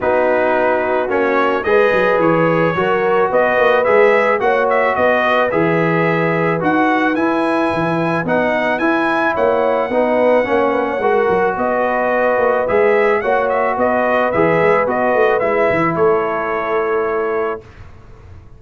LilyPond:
<<
  \new Staff \with { instrumentName = "trumpet" } { \time 4/4 \tempo 4 = 109 b'2 cis''4 dis''4 | cis''2 dis''4 e''4 | fis''8 e''8 dis''4 e''2 | fis''4 gis''2 fis''4 |
gis''4 fis''2.~ | fis''4 dis''2 e''4 | fis''8 e''8 dis''4 e''4 dis''4 | e''4 cis''2. | }
  \new Staff \with { instrumentName = "horn" } { \time 4/4 fis'2. b'4~ | b'4 ais'4 b'2 | cis''4 b'2.~ | b'1~ |
b'4 cis''4 b'4 cis''8 b'16 cis''16 | ais'4 b'2. | cis''4 b'2.~ | b'4 a'2. | }
  \new Staff \with { instrumentName = "trombone" } { \time 4/4 dis'2 cis'4 gis'4~ | gis'4 fis'2 gis'4 | fis'2 gis'2 | fis'4 e'2 dis'4 |
e'2 dis'4 cis'4 | fis'2. gis'4 | fis'2 gis'4 fis'4 | e'1 | }
  \new Staff \with { instrumentName = "tuba" } { \time 4/4 b2 ais4 gis8 fis8 | e4 fis4 b8 ais8 gis4 | ais4 b4 e2 | dis'4 e'4 e4 b4 |
e'4 ais4 b4 ais4 | gis8 fis8 b4. ais8 gis4 | ais4 b4 e8 gis8 b8 a8 | gis8 e8 a2. | }
>>